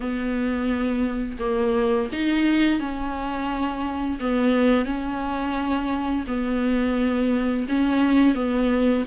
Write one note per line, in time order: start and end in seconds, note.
0.00 1.37 B3
1.39 2.09 A#3
2.12 2.79 D#4
2.79 4.19 C#4
4.20 4.85 B3
4.85 6.24 C#4
6.27 7.66 B3
7.68 8.34 C#4
8.34 9.04 B3